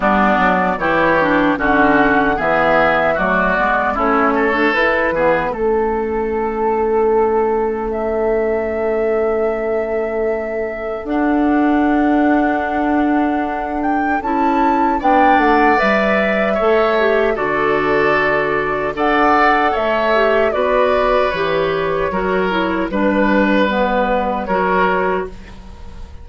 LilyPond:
<<
  \new Staff \with { instrumentName = "flute" } { \time 4/4 \tempo 4 = 76 d''4 cis''4 fis''4 e''4 | d''4 cis''4 b'4 a'4~ | a'2 e''2~ | e''2 fis''2~ |
fis''4. g''8 a''4 g''8 fis''8 | e''2 d''2 | fis''4 e''4 d''4 cis''4~ | cis''4 b'2 cis''4 | }
  \new Staff \with { instrumentName = "oboe" } { \time 4/4 d'4 g'4 fis'4 gis'4 | fis'4 e'8 a'4 gis'8 a'4~ | a'1~ | a'1~ |
a'2. d''4~ | d''4 cis''4 a'2 | d''4 cis''4 b'2 | ais'4 b'2 ais'4 | }
  \new Staff \with { instrumentName = "clarinet" } { \time 4/4 b4 e'8 d'8 cis'4 b4 | a8 b8 cis'8. d'16 e'8 b8 cis'4~ | cis'1~ | cis'2 d'2~ |
d'2 e'4 d'4 | b'4 a'8 g'8 fis'2 | a'4. g'8 fis'4 g'4 | fis'8 e'8 d'4 b4 fis'4 | }
  \new Staff \with { instrumentName = "bassoon" } { \time 4/4 g8 fis8 e4 d4 e4 | fis8 gis8 a4 e'8 e8 a4~ | a1~ | a2 d'2~ |
d'2 cis'4 b8 a8 | g4 a4 d2 | d'4 a4 b4 e4 | fis4 g2 fis4 | }
>>